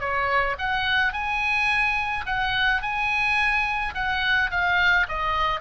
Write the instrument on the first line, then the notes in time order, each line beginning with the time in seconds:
oboe
0.00 C#5
0.58 F#5
1.13 G#5
2.26 F#5
2.82 G#5
3.94 F#5
4.50 F5
5.08 D#5